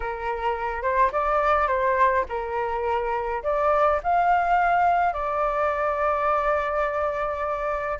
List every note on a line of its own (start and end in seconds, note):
0.00 0.82 A#4
0.82 1.10 C5
1.11 1.67 D5
1.67 2.24 C5
2.28 3.43 A#4
3.43 4.00 D5
4.03 5.13 F5
5.13 7.98 D5